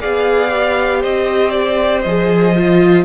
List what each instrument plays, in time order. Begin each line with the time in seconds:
0.00 cello B3, viola G#4, violin D5 F5
0.50 viola G4
1.00 cello C4, violin C5 D#5
1.50 violin D5
2.01 cello F3, viola G#4, violin D#5
2.56 viola F4